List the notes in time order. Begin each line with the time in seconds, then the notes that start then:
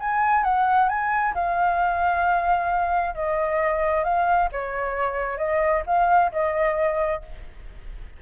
0.00 G#5
0.44 F#5
0.89 G#5
1.35 F5
3.15 D#5
4.04 F5
4.52 C#5
5.38 D#5
5.87 F5
6.32 D#5